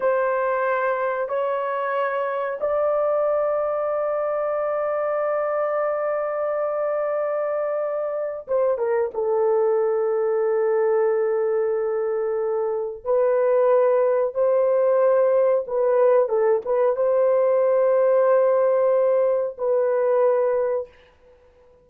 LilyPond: \new Staff \with { instrumentName = "horn" } { \time 4/4 \tempo 4 = 92 c''2 cis''2 | d''1~ | d''1~ | d''4 c''8 ais'8 a'2~ |
a'1 | b'2 c''2 | b'4 a'8 b'8 c''2~ | c''2 b'2 | }